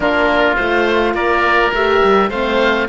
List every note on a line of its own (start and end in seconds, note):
0.00 0.56 A#3
0.00 0.57 D4
0.00 1.15 F4
0.00 0.56 A#4
0.56 1.14 A3
0.56 1.73 F4
0.56 1.13 C5
1.14 1.71 A#3
1.14 2.29 A#4
1.14 1.72 D5
1.73 2.01 A3
1.73 2.32 G4
1.73 2.30 E5
2.03 2.30 G3
2.29 2.87 A3
2.29 2.89 C4
2.29 2.87 C5
2.29 2.88 F5